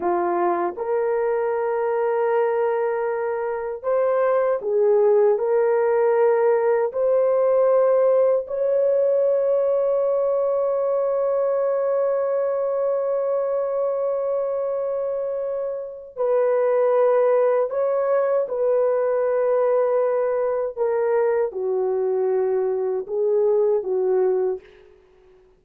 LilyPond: \new Staff \with { instrumentName = "horn" } { \time 4/4 \tempo 4 = 78 f'4 ais'2.~ | ais'4 c''4 gis'4 ais'4~ | ais'4 c''2 cis''4~ | cis''1~ |
cis''1~ | cis''4 b'2 cis''4 | b'2. ais'4 | fis'2 gis'4 fis'4 | }